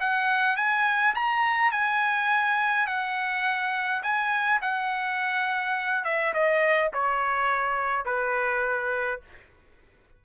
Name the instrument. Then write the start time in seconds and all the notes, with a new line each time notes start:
trumpet
0.00 F#5
0.56 G#5
1.15 A#5
1.72 G#5
2.87 F#5
4.03 G#5
4.62 F#5
6.05 E5
6.34 D#5
6.94 C#5
8.06 B4